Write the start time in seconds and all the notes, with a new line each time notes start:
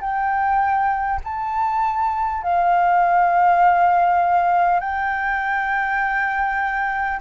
0.00 G5
1.24 A5
2.43 F5
4.80 G5